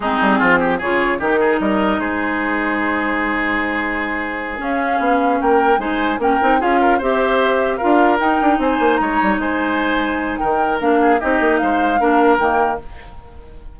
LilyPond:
<<
  \new Staff \with { instrumentName = "flute" } { \time 4/4 \tempo 4 = 150 gis'2 cis''4 ais'4 | dis''4 c''2.~ | c''2.~ c''8 f''8~ | f''4. g''4 gis''4 g''8~ |
g''8 f''4 e''2 f''8~ | f''8 g''4 gis''4 ais''4 gis''8~ | gis''2 g''4 f''4 | dis''4 f''2 g''4 | }
  \new Staff \with { instrumentName = "oboe" } { \time 4/4 dis'4 f'8 g'8 gis'4 g'8 gis'8 | ais'4 gis'2.~ | gis'1~ | gis'4. ais'4 c''4 ais'8~ |
ais'8 gis'8 ais'8 c''2 ais'8~ | ais'4. c''4 cis''4 c''8~ | c''2 ais'4. gis'8 | g'4 c''4 ais'2 | }
  \new Staff \with { instrumentName = "clarinet" } { \time 4/4 c'2 f'4 dis'4~ | dis'1~ | dis'2.~ dis'8 cis'8~ | cis'2~ cis'8 dis'4 cis'8 |
dis'8 f'4 g'2 f'8~ | f'8 dis'2.~ dis'8~ | dis'2. d'4 | dis'2 d'4 ais4 | }
  \new Staff \with { instrumentName = "bassoon" } { \time 4/4 gis8 g8 f4 cis4 dis4 | g4 gis2.~ | gis2.~ gis8 cis'8~ | cis'8 b4 ais4 gis4 ais8 |
c'8 cis'4 c'2 d'8~ | d'8 dis'8 d'8 c'8 ais8 gis8 g8 gis8~ | gis2 dis4 ais4 | c'8 ais8 gis4 ais4 dis4 | }
>>